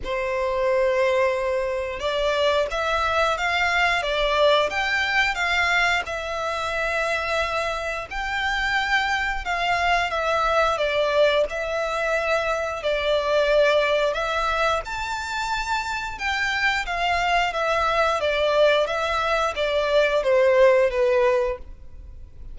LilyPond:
\new Staff \with { instrumentName = "violin" } { \time 4/4 \tempo 4 = 89 c''2. d''4 | e''4 f''4 d''4 g''4 | f''4 e''2. | g''2 f''4 e''4 |
d''4 e''2 d''4~ | d''4 e''4 a''2 | g''4 f''4 e''4 d''4 | e''4 d''4 c''4 b'4 | }